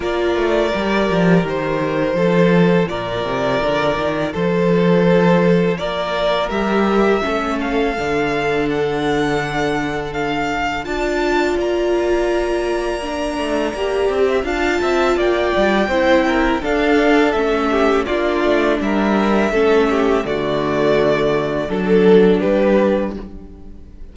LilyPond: <<
  \new Staff \with { instrumentName = "violin" } { \time 4/4 \tempo 4 = 83 d''2 c''2 | d''2 c''2 | d''4 e''4. f''4. | fis''2 f''4 a''4 |
ais''1 | a''4 g''2 f''4 | e''4 d''4 e''2 | d''2 a'4 b'4 | }
  \new Staff \with { instrumentName = "violin" } { \time 4/4 ais'2. a'4 | ais'2 a'2 | ais'2 a'2~ | a'2. d''4~ |
d''2.~ d''8. e''16 | f''8 e''8 d''4 c''8 ais'8 a'4~ | a'8 g'8 f'4 ais'4 a'8 g'8 | fis'2 a'4 g'4 | }
  \new Staff \with { instrumentName = "viola" } { \time 4/4 f'4 g'2 f'4~ | f'1~ | f'4 g'4 cis'4 d'4~ | d'2. f'4~ |
f'2 d'4 g'4 | f'2 e'4 d'4 | cis'4 d'2 cis'4 | a2 d'2 | }
  \new Staff \with { instrumentName = "cello" } { \time 4/4 ais8 a8 g8 f8 dis4 f4 | ais,8 c8 d8 dis8 f2 | ais4 g4 a4 d4~ | d2. d'4 |
ais2~ ais8 a8 ais8 c'8 | d'8 c'8 ais8 g8 c'4 d'4 | a4 ais8 a8 g4 a4 | d2 fis4 g4 | }
>>